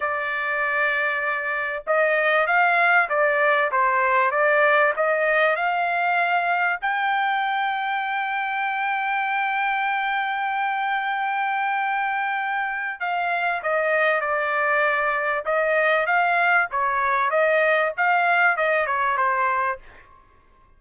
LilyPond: \new Staff \with { instrumentName = "trumpet" } { \time 4/4 \tempo 4 = 97 d''2. dis''4 | f''4 d''4 c''4 d''4 | dis''4 f''2 g''4~ | g''1~ |
g''1~ | g''4 f''4 dis''4 d''4~ | d''4 dis''4 f''4 cis''4 | dis''4 f''4 dis''8 cis''8 c''4 | }